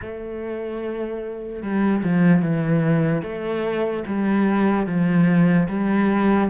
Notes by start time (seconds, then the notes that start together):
0.01 A3
1.62 G3
2.03 F3
2.42 E3
3.22 A3
4.06 G3
4.86 F3
5.69 G3